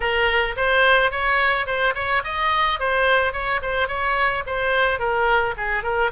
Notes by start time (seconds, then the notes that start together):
0.00 A#4
0.56 C5
1.11 C#5
1.66 C5
1.94 C#5
2.24 D#5
2.79 C5
3.33 C#5
3.62 C5
3.87 C#5
4.46 C5
4.98 A#4
5.57 G#4
5.83 A#4